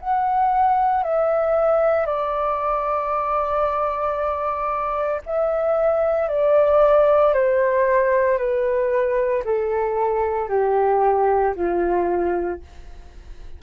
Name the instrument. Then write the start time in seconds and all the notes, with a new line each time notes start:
flute
0.00 F#5
1.03 E5
2.06 D5
5.26 E5
6.29 D5
7.33 C5
8.38 B4
9.44 A4
10.49 G4
11.55 F4